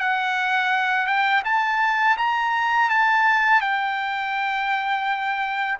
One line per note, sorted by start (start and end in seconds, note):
0.00 1.07 F#5
1.07 1.43 G5
1.45 2.17 A5
2.18 2.90 A#5
2.90 3.61 A5
3.61 5.78 G5